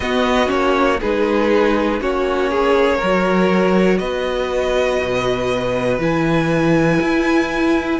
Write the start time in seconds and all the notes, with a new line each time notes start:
0.00 B3 F#4 D#5
0.46 A#3 C#4 C#5
1.00 G#3 D#4 G#4 B4
2.00 A#3 C#4 F#4 C#5
2.50 G#4
2.97 F#3 A#4
3.03 F#4
3.98 B3 B4 D#5
5.00 B2
5.98 E3 E4 G#5
7.00 E4